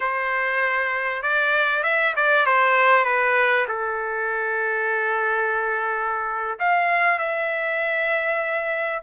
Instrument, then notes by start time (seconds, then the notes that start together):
trumpet
0.00 C5
1.22 D5
1.83 E5
2.16 D5
2.46 C5
3.04 B4
3.68 A4
6.59 F5
7.18 E5